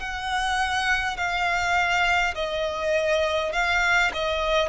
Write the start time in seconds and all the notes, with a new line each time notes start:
0.00 F#5
1.17 F5
2.35 D#5
3.53 F5
4.14 D#5